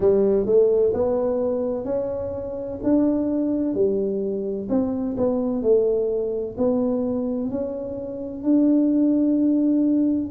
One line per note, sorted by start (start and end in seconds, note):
0.00 0.46 G3
0.46 0.92 A3
0.93 1.85 B3
1.85 2.78 C#4
2.83 3.74 D4
3.74 4.67 G3
4.69 5.16 C4
5.17 5.62 B3
5.62 6.56 A3
6.57 7.50 B3
7.50 8.43 C#4
8.43 10.30 D4